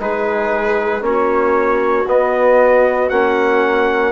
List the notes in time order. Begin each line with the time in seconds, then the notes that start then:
0.00 G#3 D#4 G#4 B4
1.02 A#3 C#4 F#4 C#5
2.08 B3 D#5
3.10 A#3 C#4 F#5